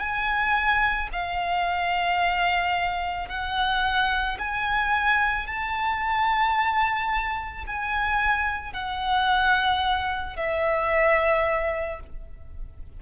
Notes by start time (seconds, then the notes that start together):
0.00 G#5
1.13 F5
3.29 F#5
4.39 G#5
5.47 A5
7.67 G#5
8.73 F#5
10.36 E5